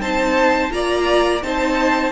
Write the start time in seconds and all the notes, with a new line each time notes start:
0.00 C4 D#4 C5 A5
0.71 A#3 F4 D5 A#5
1.41 C4 D#4 C5 A5